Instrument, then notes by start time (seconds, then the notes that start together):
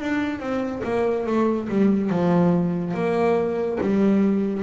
double bass
0.00 D4
0.39 C4
0.84 A#3
1.26 A3
1.69 G3
2.09 F3
2.94 A#3
3.80 G3